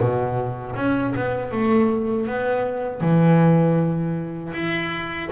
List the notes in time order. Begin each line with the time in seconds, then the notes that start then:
0.00 B2
0.76 C#4
1.16 B3
1.52 A3
2.27 B3
3.01 E3
4.54 E4